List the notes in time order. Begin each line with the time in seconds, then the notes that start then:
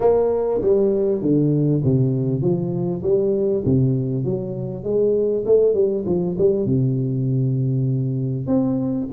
0.00 A#3
0.61 G3
1.21 D3
1.84 C3
2.41 F3
3.02 G3
3.65 C3
4.24 F#3
4.83 G#3
5.45 A3
5.74 G3
6.06 F3
6.37 G3
6.65 C3
8.46 C4